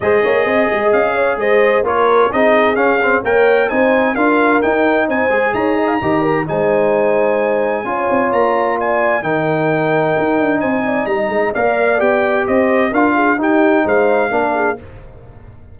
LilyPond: <<
  \new Staff \with { instrumentName = "trumpet" } { \time 4/4 \tempo 4 = 130 dis''2 f''4 dis''4 | cis''4 dis''4 f''4 g''4 | gis''4 f''4 g''4 gis''4 | ais''2 gis''2~ |
gis''2 ais''4 gis''4 | g''2. gis''4 | ais''4 f''4 g''4 dis''4 | f''4 g''4 f''2 | }
  \new Staff \with { instrumentName = "horn" } { \time 4/4 c''8 cis''8 dis''4. cis''8 c''4 | ais'4 gis'2 cis''4 | c''4 ais'2 c''4 | cis''8 dis''16 f''16 dis''8 ais'8 c''2~ |
c''4 cis''2 d''4 | ais'2. c''8 d''8 | dis''4 d''2 c''4 | ais'8 gis'8 g'4 c''4 ais'8 gis'8 | }
  \new Staff \with { instrumentName = "trombone" } { \time 4/4 gis'1 | f'4 dis'4 cis'8 c'8 ais'4 | dis'4 f'4 dis'4. gis'8~ | gis'4 g'4 dis'2~ |
dis'4 f'2. | dis'1~ | dis'4 ais'4 g'2 | f'4 dis'2 d'4 | }
  \new Staff \with { instrumentName = "tuba" } { \time 4/4 gis8 ais8 c'8 gis8 cis'4 gis4 | ais4 c'4 cis'4 ais4 | c'4 d'4 dis'4 c'8 gis8 | dis'4 dis4 gis2~ |
gis4 cis'8 c'8 ais2 | dis2 dis'8 d'8 c'4 | g8 gis8 ais4 b4 c'4 | d'4 dis'4 gis4 ais4 | }
>>